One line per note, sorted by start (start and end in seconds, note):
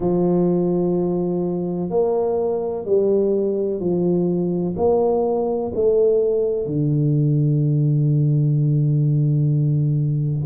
0.00 1.90 F3
1.90 2.85 A#3
2.85 3.80 G3
3.80 4.75 F3
4.76 5.71 A#3
5.74 6.65 A3
6.65 10.45 D3